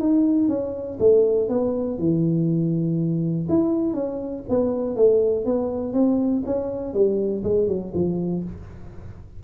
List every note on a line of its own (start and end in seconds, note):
0.00 0.48 D#4
0.48 0.98 C#4
1.00 1.49 A3
1.49 1.98 B3
1.99 3.47 E3
3.49 3.94 E4
3.94 4.43 C#4
4.49 4.96 B3
4.96 5.45 A3
5.45 5.93 B3
5.93 6.43 C4
6.46 6.94 C#4
6.94 7.43 G3
7.44 7.68 G#3
7.68 7.92 F#3
7.94 8.44 F3